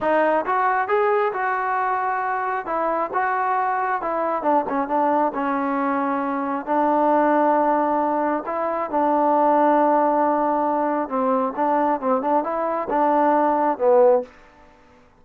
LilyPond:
\new Staff \with { instrumentName = "trombone" } { \time 4/4 \tempo 4 = 135 dis'4 fis'4 gis'4 fis'4~ | fis'2 e'4 fis'4~ | fis'4 e'4 d'8 cis'8 d'4 | cis'2. d'4~ |
d'2. e'4 | d'1~ | d'4 c'4 d'4 c'8 d'8 | e'4 d'2 b4 | }